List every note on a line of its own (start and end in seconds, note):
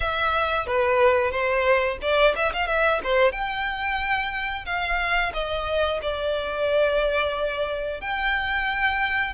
0.00 0.66 E5
0.66 1.31 B4
1.31 1.98 C5
2.01 2.35 D5
2.35 2.52 E5
2.53 2.67 F5
2.67 3.00 E5
3.03 3.32 C5
3.32 4.65 G5
4.65 5.32 F5
5.33 6.00 D#5
6.02 8.00 D5
8.00 9.33 G5